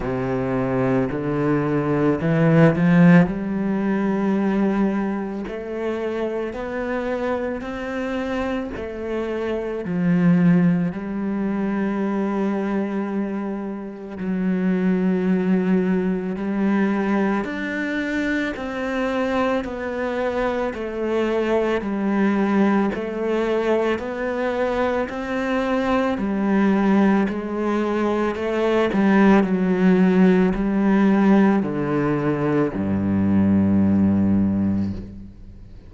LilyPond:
\new Staff \with { instrumentName = "cello" } { \time 4/4 \tempo 4 = 55 c4 d4 e8 f8 g4~ | g4 a4 b4 c'4 | a4 f4 g2~ | g4 fis2 g4 |
d'4 c'4 b4 a4 | g4 a4 b4 c'4 | g4 gis4 a8 g8 fis4 | g4 d4 g,2 | }